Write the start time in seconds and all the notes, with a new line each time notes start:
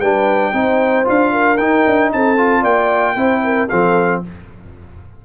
0.00 G3 D4 B4 G5
0.53 C4 D#4 C5
1.05 D4 F4 F5
1.32 A#4
1.58 D#4 G5
1.87 D4
2.13 C4 A4 A5
2.37 F4
2.62 A#3 D5 G5
3.16 C4 E4 C5
3.44 A#4
3.69 F3 C4 A4 F5